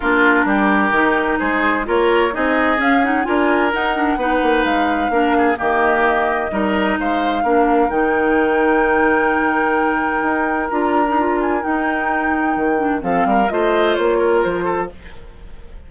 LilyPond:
<<
  \new Staff \with { instrumentName = "flute" } { \time 4/4 \tempo 4 = 129 ais'2. c''4 | cis''4 dis''4 f''8 fis''8 gis''4 | fis''2 f''2 | dis''2. f''4~ |
f''4 g''2.~ | g''2. ais''4~ | ais''8 gis''8 g''2. | f''4 dis''4 cis''4 c''4 | }
  \new Staff \with { instrumentName = "oboe" } { \time 4/4 f'4 g'2 gis'4 | ais'4 gis'2 ais'4~ | ais'4 b'2 ais'8 gis'8 | g'2 ais'4 c''4 |
ais'1~ | ais'1~ | ais'1 | a'8 ais'8 c''4. ais'4 a'8 | }
  \new Staff \with { instrumentName = "clarinet" } { \time 4/4 d'2 dis'2 | f'4 dis'4 cis'8 dis'8 f'4 | dis'8 d'8 dis'2 d'4 | ais2 dis'2 |
d'4 dis'2.~ | dis'2. f'8. dis'16 | f'4 dis'2~ dis'8 d'8 | c'4 f'2. | }
  \new Staff \with { instrumentName = "bassoon" } { \time 4/4 ais4 g4 dis4 gis4 | ais4 c'4 cis'4 d'4 | dis'4 b8 ais8 gis4 ais4 | dis2 g4 gis4 |
ais4 dis2.~ | dis2 dis'4 d'4~ | d'4 dis'2 dis4 | f8 g8 a4 ais4 f4 | }
>>